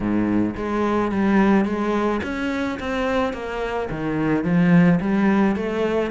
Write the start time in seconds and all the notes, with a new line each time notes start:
0.00 G#2
0.56 G#3
1.11 G3
1.65 G#3
2.23 C#4
2.79 C4
3.33 A#3
3.90 D#3
4.43 F3
5.00 G3
5.56 A3